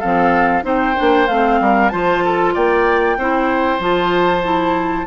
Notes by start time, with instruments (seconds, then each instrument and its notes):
0.00 bassoon F3, clarinet C4, oboe A4, flute F5
0.63 bassoon C4, clarinet D#4, oboe C5, flute G5
0.96 bassoon A#3, clarinet D4
1.27 bassoon A3, clarinet C4, flute F5
1.60 bassoon G3, oboe A#4
1.89 bassoon F3, clarinet F4, oboe C5, flute A5
2.25 oboe A4
2.54 bassoon A#3, oboe D5, flute G5
3.18 bassoon C4, clarinet E4, oboe C5
3.79 bassoon F3, clarinet F4, flute A5
4.43 clarinet E4